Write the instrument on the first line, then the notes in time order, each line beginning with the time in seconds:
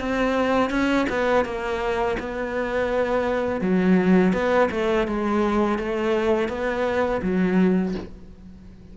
cello
0.00 C4
0.70 C#4
1.10 B3
1.45 A#3
2.19 B3
3.61 F#3
4.33 B3
4.71 A3
5.07 G#3
5.79 A3
6.49 B3
7.23 F#3